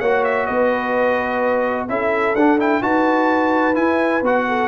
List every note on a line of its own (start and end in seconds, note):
0.00 0.48 A#3
0.00 1.90 F#4
0.00 0.47 C#5
0.00 0.24 F#5
0.25 0.46 E5
0.46 1.89 B3
0.46 1.88 B4
0.46 1.87 D#5
1.89 2.35 C#4
1.89 2.36 E4
1.89 2.83 A4
1.89 2.36 E5
2.35 2.82 D4
2.35 2.59 D4
2.35 2.59 F#5
2.59 2.82 E4
2.59 2.83 G5
2.82 3.76 D#4
2.82 3.75 F#4
2.82 4.47 B4
2.82 3.76 A5
3.75 4.22 E4
3.75 4.23 G#5
4.22 4.69 B3
4.22 4.69 F#4
4.22 4.69 F#5
4.48 4.69 A4